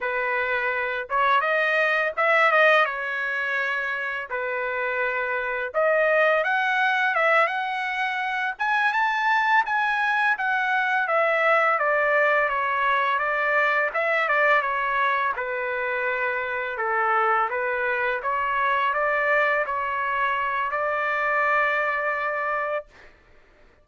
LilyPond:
\new Staff \with { instrumentName = "trumpet" } { \time 4/4 \tempo 4 = 84 b'4. cis''8 dis''4 e''8 dis''8 | cis''2 b'2 | dis''4 fis''4 e''8 fis''4. | gis''8 a''4 gis''4 fis''4 e''8~ |
e''8 d''4 cis''4 d''4 e''8 | d''8 cis''4 b'2 a'8~ | a'8 b'4 cis''4 d''4 cis''8~ | cis''4 d''2. | }